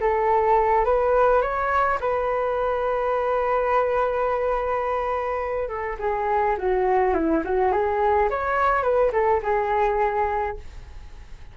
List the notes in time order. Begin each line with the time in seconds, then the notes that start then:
0.00 A4
0.85 B4
1.41 C#5
2.00 B4
5.68 A4
5.99 G#4
6.58 F#4
7.14 E4
7.44 F#4
7.72 G#4
8.30 C#5
8.82 B4
9.12 A4
9.42 G#4